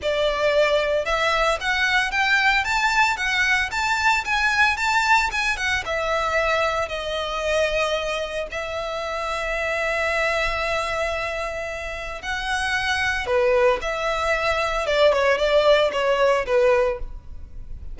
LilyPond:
\new Staff \with { instrumentName = "violin" } { \time 4/4 \tempo 4 = 113 d''2 e''4 fis''4 | g''4 a''4 fis''4 a''4 | gis''4 a''4 gis''8 fis''8 e''4~ | e''4 dis''2. |
e''1~ | e''2. fis''4~ | fis''4 b'4 e''2 | d''8 cis''8 d''4 cis''4 b'4 | }